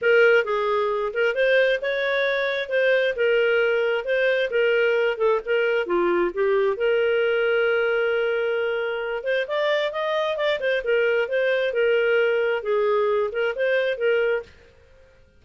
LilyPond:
\new Staff \with { instrumentName = "clarinet" } { \time 4/4 \tempo 4 = 133 ais'4 gis'4. ais'8 c''4 | cis''2 c''4 ais'4~ | ais'4 c''4 ais'4. a'8 | ais'4 f'4 g'4 ais'4~ |
ais'1~ | ais'8 c''8 d''4 dis''4 d''8 c''8 | ais'4 c''4 ais'2 | gis'4. ais'8 c''4 ais'4 | }